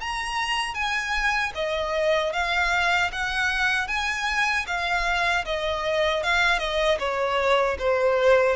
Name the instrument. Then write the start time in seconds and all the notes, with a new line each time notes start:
violin
0.00 A#5
0.74 G#5
1.55 D#5
2.33 F5
3.12 F#5
3.87 G#5
4.67 F5
5.45 D#5
6.23 F5
6.59 D#5
6.99 C#5
7.79 C5